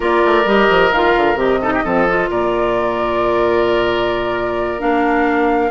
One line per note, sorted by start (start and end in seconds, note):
0.00 0.23 A#3
0.00 0.44 F4
0.00 1.59 A#4
0.00 0.48 D5
0.25 0.45 A3
0.45 0.68 G3
0.45 0.91 G4
0.45 0.92 D#5
0.69 0.92 F3
0.92 1.15 D#3
0.92 1.36 F4
0.92 1.38 F5
1.16 1.35 D3
1.35 1.80 C3
1.35 1.59 G4
1.35 2.30 D#5
1.61 1.84 D#4
1.61 1.73 A4
1.74 1.83 G4
1.83 2.29 F3
1.83 2.07 C4
1.83 2.29 A4
2.08 4.79 F4
2.29 4.81 A#2
2.29 5.71 A#4
2.29 4.80 D5
4.79 5.71 A#3
4.79 5.70 D4
4.79 5.71 F5